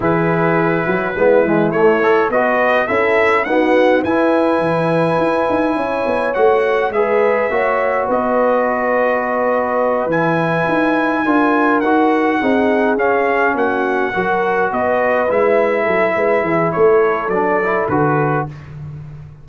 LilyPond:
<<
  \new Staff \with { instrumentName = "trumpet" } { \time 4/4 \tempo 4 = 104 b'2. cis''4 | dis''4 e''4 fis''4 gis''4~ | gis''2. fis''4 | e''2 dis''2~ |
dis''4. gis''2~ gis''8~ | gis''8 fis''2 f''4 fis''8~ | fis''4. dis''4 e''4.~ | e''4 cis''4 d''4 b'4 | }
  \new Staff \with { instrumentName = "horn" } { \time 4/4 gis'4. fis'8 e'2 | b'4 a'4 fis'4 b'4~ | b'2 cis''2 | b'4 cis''4 b'2~ |
b'2.~ b'8 ais'8~ | ais'4. gis'2 fis'8~ | fis'8 ais'4 b'2 a'8 | b'8 gis'8 a'2. | }
  \new Staff \with { instrumentName = "trombone" } { \time 4/4 e'2 b8 gis8 a8 a'8 | fis'4 e'4 b4 e'4~ | e'2. fis'4 | gis'4 fis'2.~ |
fis'4. e'2 f'8~ | f'8 fis'4 dis'4 cis'4.~ | cis'8 fis'2 e'4.~ | e'2 d'8 e'8 fis'4 | }
  \new Staff \with { instrumentName = "tuba" } { \time 4/4 e4. fis8 gis8 e8 a4 | b4 cis'4 dis'4 e'4 | e4 e'8 dis'8 cis'8 b8 a4 | gis4 ais4 b2~ |
b4. e4 dis'4 d'8~ | d'8 dis'4 c'4 cis'4 ais8~ | ais8 fis4 b4 gis4 fis8 | gis8 e8 a4 fis4 d4 | }
>>